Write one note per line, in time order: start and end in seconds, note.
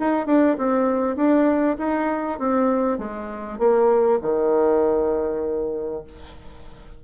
0.00 0.27 D#4
0.27 0.57 D4
0.58 1.17 C4
1.17 1.77 D4
1.79 2.39 D#4
2.40 2.99 C4
2.99 3.59 G#3
3.59 4.20 A#3
4.23 6.04 D#3